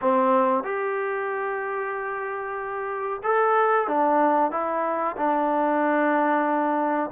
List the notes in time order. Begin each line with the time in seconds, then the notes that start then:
0.01 C4
0.63 G4
3.23 A4
3.87 D4
4.51 E4
5.16 D4